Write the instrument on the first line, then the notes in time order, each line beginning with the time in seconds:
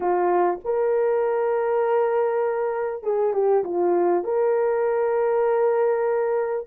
horn
0.00 F4
0.64 A#4
3.03 G#4
3.33 G4
3.64 F4
4.24 A#4